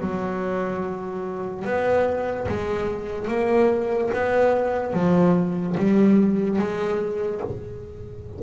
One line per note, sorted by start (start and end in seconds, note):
0.00 1.64 F#3
1.64 2.47 B3
2.48 3.28 G#3
3.28 4.10 A#3
4.13 4.93 B3
4.93 5.75 F3
5.76 6.58 G3
6.58 7.40 G#3